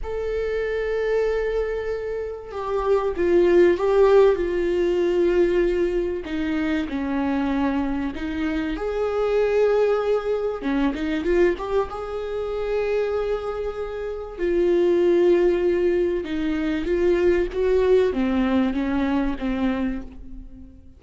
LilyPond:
\new Staff \with { instrumentName = "viola" } { \time 4/4 \tempo 4 = 96 a'1 | g'4 f'4 g'4 f'4~ | f'2 dis'4 cis'4~ | cis'4 dis'4 gis'2~ |
gis'4 cis'8 dis'8 f'8 g'8 gis'4~ | gis'2. f'4~ | f'2 dis'4 f'4 | fis'4 c'4 cis'4 c'4 | }